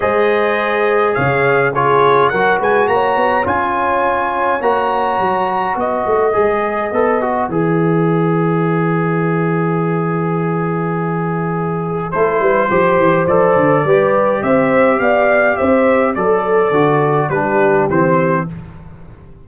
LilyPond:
<<
  \new Staff \with { instrumentName = "trumpet" } { \time 4/4 \tempo 4 = 104 dis''2 f''4 cis''4 | fis''8 gis''8 ais''4 gis''2 | ais''2 dis''2~ | dis''4 e''2.~ |
e''1~ | e''4 c''2 d''4~ | d''4 e''4 f''4 e''4 | d''2 b'4 c''4 | }
  \new Staff \with { instrumentName = "horn" } { \time 4/4 c''2 cis''4 gis'4 | ais'8 b'8 cis''2.~ | cis''2 b'2~ | b'1~ |
b'1~ | b'4 a'8 b'8 c''2 | b'4 c''4 d''4 c''4 | a'2 g'2 | }
  \new Staff \with { instrumentName = "trombone" } { \time 4/4 gis'2. f'4 | fis'2 f'2 | fis'2. gis'4 | a'8 fis'8 gis'2.~ |
gis'1~ | gis'4 e'4 g'4 a'4 | g'1 | a'4 fis'4 d'4 c'4 | }
  \new Staff \with { instrumentName = "tuba" } { \time 4/4 gis2 cis2 | fis8 gis8 ais8 b8 cis'2 | ais4 fis4 b8 a8 gis4 | b4 e2.~ |
e1~ | e4 a8 g8 f8 e8 f8 d8 | g4 c'4 b4 c'4 | fis4 d4 g4 e4 | }
>>